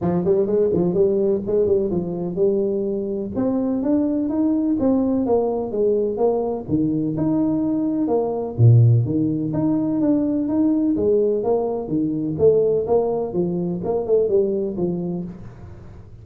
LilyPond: \new Staff \with { instrumentName = "tuba" } { \time 4/4 \tempo 4 = 126 f8 g8 gis8 f8 g4 gis8 g8 | f4 g2 c'4 | d'4 dis'4 c'4 ais4 | gis4 ais4 dis4 dis'4~ |
dis'4 ais4 ais,4 dis4 | dis'4 d'4 dis'4 gis4 | ais4 dis4 a4 ais4 | f4 ais8 a8 g4 f4 | }